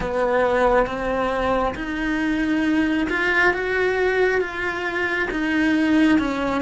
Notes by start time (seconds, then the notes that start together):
0.00 B3
0.86 C4
1.75 D#4
3.09 F4
3.53 F#4
4.40 F4
5.30 D#4
6.18 C#4